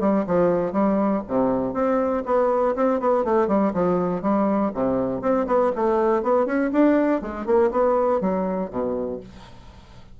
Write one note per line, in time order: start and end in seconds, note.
0.00 0.25 G3
0.27 0.73 F3
0.73 1.22 G3
1.28 1.74 C3
1.74 2.23 C4
2.26 2.75 B3
2.76 3.00 C4
3.00 3.25 B3
3.25 3.48 A3
3.48 3.73 G3
3.74 4.22 F3
4.22 4.72 G3
4.74 5.22 C3
5.22 5.46 C4
5.47 5.72 B3
5.75 6.23 A3
6.23 6.46 B3
6.46 6.71 C#4
6.73 7.22 D4
7.22 7.46 G#3
7.46 7.71 A#3
7.71 8.21 B3
8.21 8.70 F#3
8.70 9.20 B2